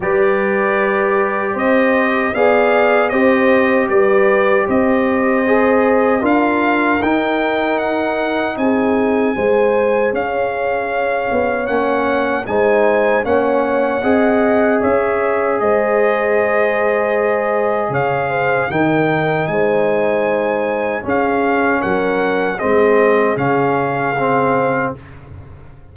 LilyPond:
<<
  \new Staff \with { instrumentName = "trumpet" } { \time 4/4 \tempo 4 = 77 d''2 dis''4 f''4 | dis''4 d''4 dis''2 | f''4 g''4 fis''4 gis''4~ | gis''4 f''2 fis''4 |
gis''4 fis''2 e''4 | dis''2. f''4 | g''4 gis''2 f''4 | fis''4 dis''4 f''2 | }
  \new Staff \with { instrumentName = "horn" } { \time 4/4 b'2 c''4 d''4 | c''4 b'4 c''2 | ais'2. gis'4 | c''4 cis''2. |
c''4 cis''4 dis''4 cis''4 | c''2. cis''8 c''8 | ais'4 c''2 gis'4 | ais'4 gis'2. | }
  \new Staff \with { instrumentName = "trombone" } { \time 4/4 g'2. gis'4 | g'2. gis'4 | f'4 dis'2. | gis'2. cis'4 |
dis'4 cis'4 gis'2~ | gis'1 | dis'2. cis'4~ | cis'4 c'4 cis'4 c'4 | }
  \new Staff \with { instrumentName = "tuba" } { \time 4/4 g2 c'4 b4 | c'4 g4 c'2 | d'4 dis'2 c'4 | gis4 cis'4. b8 ais4 |
gis4 ais4 c'4 cis'4 | gis2. cis4 | dis4 gis2 cis'4 | fis4 gis4 cis2 | }
>>